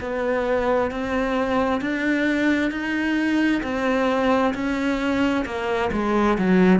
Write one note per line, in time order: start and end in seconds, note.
0.00 0.91 B3
0.91 1.81 C4
1.81 2.71 D4
2.71 3.62 D#4
3.63 4.54 C4
4.54 5.45 C#4
5.45 5.90 A#3
5.92 6.38 G#3
6.38 6.79 F#3